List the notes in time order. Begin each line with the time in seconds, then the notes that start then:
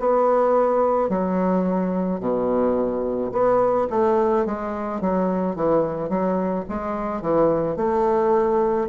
0.00 B3
1.10 F#3
2.21 B2
3.32 B3
3.90 A3
4.46 G#3
5.02 F#3
5.56 E3
6.10 F#3
6.70 G#3
7.22 E3
7.77 A3